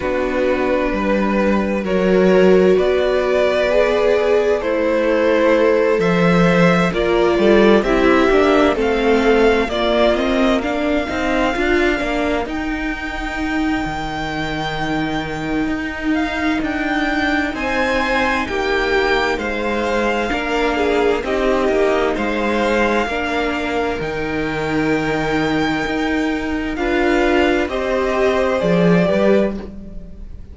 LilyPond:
<<
  \new Staff \with { instrumentName = "violin" } { \time 4/4 \tempo 4 = 65 b'2 cis''4 d''4~ | d''4 c''4. e''4 d''8~ | d''8 e''4 f''4 d''8 dis''8 f''8~ | f''4. g''2~ g''8~ |
g''4. f''8 g''4 gis''4 | g''4 f''2 dis''4 | f''2 g''2~ | g''4 f''4 dis''4 d''4 | }
  \new Staff \with { instrumentName = "violin" } { \time 4/4 fis'4 b'4 ais'4 b'4~ | b'4 e'4. c''4 ais'8 | a'8 g'4 a'4 f'4 ais'8~ | ais'1~ |
ais'2. c''4 | g'4 c''4 ais'8 gis'8 g'4 | c''4 ais'2.~ | ais'4 b'4 c''4. b'8 | }
  \new Staff \with { instrumentName = "viola" } { \time 4/4 d'2 fis'2 | gis'4 a'2~ a'8 f'8~ | f'8 e'8 d'8 c'4 ais8 c'8 d'8 | dis'8 f'8 d'8 dis'2~ dis'8~ |
dis'1~ | dis'2 d'4 dis'4~ | dis'4 d'4 dis'2~ | dis'4 f'4 g'4 gis'8 g'8 | }
  \new Staff \with { instrumentName = "cello" } { \time 4/4 b4 g4 fis4 b4~ | b4 a4. f4 ais8 | g8 c'8 ais8 a4 ais4. | c'8 d'8 ais8 dis'4. dis4~ |
dis4 dis'4 d'4 c'4 | ais4 gis4 ais4 c'8 ais8 | gis4 ais4 dis2 | dis'4 d'4 c'4 f8 g8 | }
>>